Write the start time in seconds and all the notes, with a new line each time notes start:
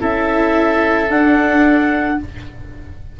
0.00 C#4 E4 A4 E5
1.09 D4 F#5